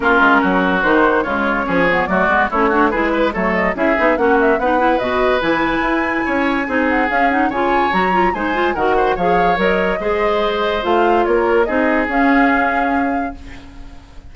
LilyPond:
<<
  \new Staff \with { instrumentName = "flute" } { \time 4/4 \tempo 4 = 144 ais'2 c''4 cis''4~ | cis''4 d''4 cis''4 b'4 | cis''8 dis''8 e''4 fis''8 e''8 fis''4 | dis''4 gis''2.~ |
gis''8 fis''8 f''8 fis''8 gis''4 ais''4 | gis''4 fis''4 f''4 dis''4~ | dis''2 f''4 cis''4 | dis''4 f''2. | }
  \new Staff \with { instrumentName = "oboe" } { \time 4/4 f'4 fis'2 f'4 | gis'4 fis'4 e'8 fis'8 gis'8 b'8 | a'4 gis'4 fis'4 b'4~ | b'2. cis''4 |
gis'2 cis''2 | c''4 ais'8 c''8 cis''2 | c''2. ais'4 | gis'1 | }
  \new Staff \with { instrumentName = "clarinet" } { \time 4/4 cis'2 dis'4 gis4 | cis'8 b8 a8 b8 cis'8 d'8 e'4 | a4 e'8 dis'8 cis'4 dis'8 e'8 | fis'4 e'2. |
dis'4 cis'8 dis'8 f'4 fis'8 f'8 | dis'8 f'8 fis'4 gis'4 ais'4 | gis'2 f'2 | dis'4 cis'2. | }
  \new Staff \with { instrumentName = "bassoon" } { \time 4/4 ais8 gis8 fis4 dis4 cis4 | f4 fis8 gis8 a4 gis4 | fis4 cis'8 b8 ais4 b4 | b,4 e4 e'4 cis'4 |
c'4 cis'4 cis4 fis4 | gis4 dis4 f4 fis4 | gis2 a4 ais4 | c'4 cis'2. | }
>>